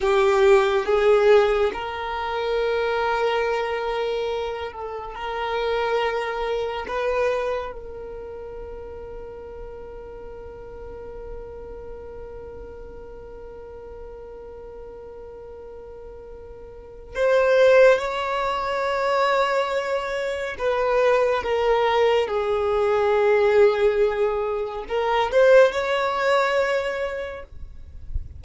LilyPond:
\new Staff \with { instrumentName = "violin" } { \time 4/4 \tempo 4 = 70 g'4 gis'4 ais'2~ | ais'4. a'8 ais'2 | b'4 ais'2.~ | ais'1~ |
ais'1 | c''4 cis''2. | b'4 ais'4 gis'2~ | gis'4 ais'8 c''8 cis''2 | }